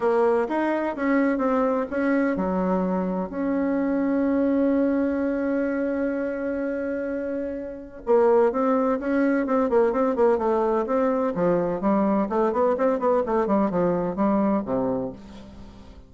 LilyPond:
\new Staff \with { instrumentName = "bassoon" } { \time 4/4 \tempo 4 = 127 ais4 dis'4 cis'4 c'4 | cis'4 fis2 cis'4~ | cis'1~ | cis'1~ |
cis'4 ais4 c'4 cis'4 | c'8 ais8 c'8 ais8 a4 c'4 | f4 g4 a8 b8 c'8 b8 | a8 g8 f4 g4 c4 | }